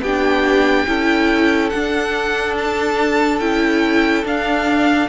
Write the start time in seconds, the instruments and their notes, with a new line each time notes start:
0.00 cello B3, viola D4, violin G4 G5
0.87 cello C#4, viola E4, violin A4
1.69 cello D4, viola D4, violin F#5
2.58 violin A5
3.39 cello C#4, viola E4, violin G5
4.24 viola D4, cello D4, violin F5